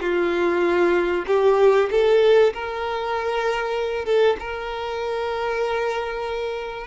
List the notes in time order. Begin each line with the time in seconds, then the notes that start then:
0.00 F4
1.27 G4
1.91 A4
2.53 A#4
4.05 A4
4.39 A#4